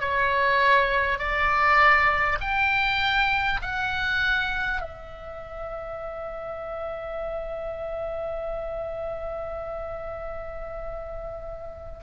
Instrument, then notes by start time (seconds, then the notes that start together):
oboe
0.00 C#5
1.18 D5
2.40 G5
3.62 F#5
4.81 E5